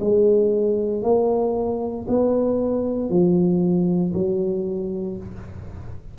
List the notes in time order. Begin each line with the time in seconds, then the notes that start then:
0.00 G#3
1.03 A#3
2.08 B3
3.09 F3
4.14 F#3